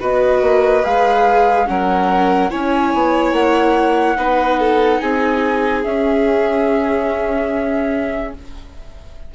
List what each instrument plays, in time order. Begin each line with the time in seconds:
0.00 bassoon B3, viola F#4, violin B4, flute D#5
0.42 bassoon A#3
0.83 bassoon G#3, viola G#4, flute F5
1.66 bassoon F#3, viola C#4, violin A#4, flute F#5
2.51 bassoon C#4, viola E4, violin C#5, flute G#5
2.94 bassoon B3
3.32 bassoon A#3, flute F#5
4.17 bassoon B3, viola D#4, violin B4
4.60 violin A4
5.00 bassoon C4, violin G#4, flute G#5
5.84 viola C#4, bassoon C#4, flute E5